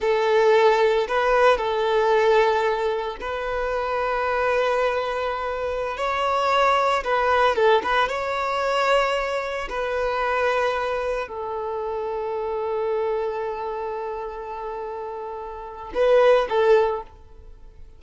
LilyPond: \new Staff \with { instrumentName = "violin" } { \time 4/4 \tempo 4 = 113 a'2 b'4 a'4~ | a'2 b'2~ | b'2.~ b'16 cis''8.~ | cis''4~ cis''16 b'4 a'8 b'8 cis''8.~ |
cis''2~ cis''16 b'4.~ b'16~ | b'4~ b'16 a'2~ a'8.~ | a'1~ | a'2 b'4 a'4 | }